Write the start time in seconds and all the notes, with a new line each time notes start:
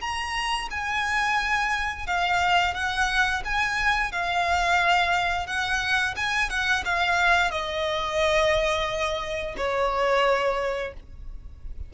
0.00 A#5
0.70 G#5
2.06 F5
2.74 F#5
3.44 G#5
4.11 F5
5.46 F#5
6.15 G#5
6.50 F#5
6.85 F5
7.51 D#5
9.56 C#5